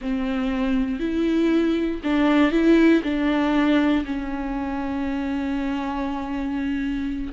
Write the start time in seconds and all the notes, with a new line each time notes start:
0.01 C4
0.99 E4
2.03 D4
2.51 E4
3.03 D4
4.05 C#4